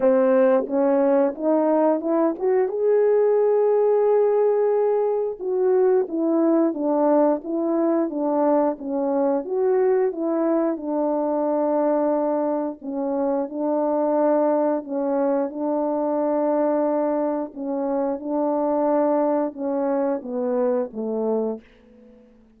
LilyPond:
\new Staff \with { instrumentName = "horn" } { \time 4/4 \tempo 4 = 89 c'4 cis'4 dis'4 e'8 fis'8 | gis'1 | fis'4 e'4 d'4 e'4 | d'4 cis'4 fis'4 e'4 |
d'2. cis'4 | d'2 cis'4 d'4~ | d'2 cis'4 d'4~ | d'4 cis'4 b4 a4 | }